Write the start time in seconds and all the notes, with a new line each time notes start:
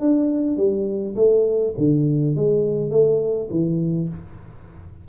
0.00 D4
0.57 G3
1.15 A3
1.77 D3
2.35 G#3
2.90 A3
3.50 E3